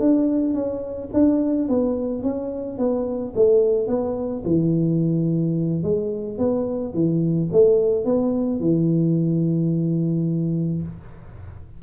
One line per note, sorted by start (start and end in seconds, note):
0.00 0.54 D4
0.54 1.10 C#4
1.14 1.69 D4
1.69 2.23 B3
2.23 2.79 C#4
2.79 3.34 B3
3.36 3.88 A3
3.88 4.43 B3
4.45 5.83 E3
5.83 6.39 G#3
6.39 6.94 B3
6.94 7.50 E3
7.53 8.06 A3
8.06 8.61 B3
8.61 10.83 E3